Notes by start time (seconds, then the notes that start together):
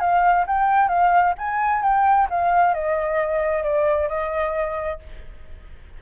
0.00 F5
0.47 G5
0.88 F5
1.38 G#5
1.83 G5
2.30 F5
2.74 D#5
3.63 D5
4.09 D#5